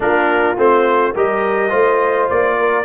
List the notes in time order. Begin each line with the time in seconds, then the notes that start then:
0.00 A#3 D4 F4 A#4
0.57 A3 C4 C5
1.13 G3 G4 A#4 D#5
1.69 A3 F4 C5
2.29 A#3 D5
2.58 A#4